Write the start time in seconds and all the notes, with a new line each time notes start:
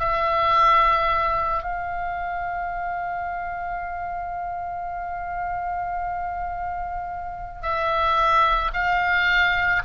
0.00 E5
1.64 F5
7.62 E5
8.74 F5